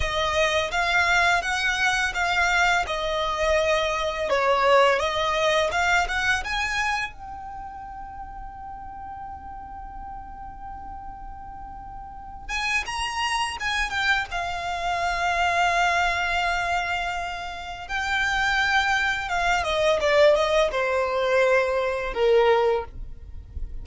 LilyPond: \new Staff \with { instrumentName = "violin" } { \time 4/4 \tempo 4 = 84 dis''4 f''4 fis''4 f''4 | dis''2 cis''4 dis''4 | f''8 fis''8 gis''4 g''2~ | g''1~ |
g''4. gis''8 ais''4 gis''8 g''8 | f''1~ | f''4 g''2 f''8 dis''8 | d''8 dis''8 c''2 ais'4 | }